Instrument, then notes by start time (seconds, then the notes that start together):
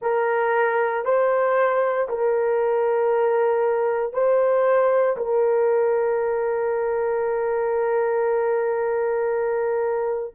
horn
0.01 A#4
1.04 C5
2.08 A#4
4.13 C5
5.17 A#4